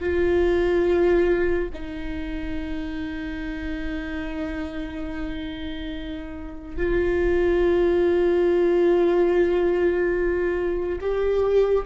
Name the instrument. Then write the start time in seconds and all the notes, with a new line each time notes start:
viola
0.00 F4
1.74 D#4
6.77 F4
11.01 G4